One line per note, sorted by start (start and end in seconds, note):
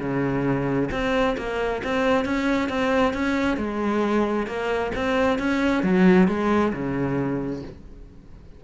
0.00 0.90 C#3
0.92 1.36 C4
1.38 1.83 A#3
1.84 2.25 C4
2.25 2.69 C#4
2.69 3.13 C4
3.13 3.57 C#4
3.57 4.47 G#3
4.47 4.92 A#3
4.95 5.39 C4
5.39 5.83 C#4
5.83 6.28 F#3
6.28 6.73 G#3
6.73 7.63 C#3